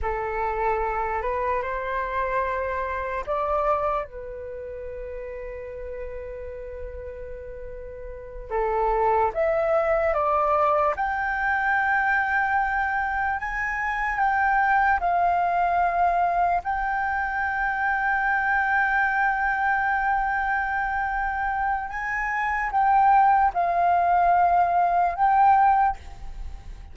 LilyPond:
\new Staff \with { instrumentName = "flute" } { \time 4/4 \tempo 4 = 74 a'4. b'8 c''2 | d''4 b'2.~ | b'2~ b'8 a'4 e''8~ | e''8 d''4 g''2~ g''8~ |
g''8 gis''4 g''4 f''4.~ | f''8 g''2.~ g''8~ | g''2. gis''4 | g''4 f''2 g''4 | }